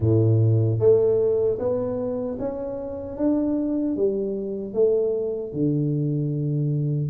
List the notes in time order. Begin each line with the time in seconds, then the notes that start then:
0.00 A2
0.79 A3
1.58 B3
2.39 C#4
3.17 D4
3.96 G3
4.73 A3
5.52 D3